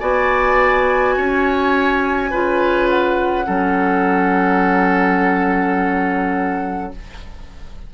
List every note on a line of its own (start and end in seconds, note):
0.00 1.17 B3
0.00 2.31 F#4
0.00 1.15 D5
0.00 2.89 G#5
1.17 2.32 C#4
1.17 2.31 C#5
2.31 3.48 C#3
2.31 3.45 F4
2.31 3.46 B4
2.89 6.93 F#5
3.45 6.94 F#3
3.45 6.92 C#4
3.45 6.93 A4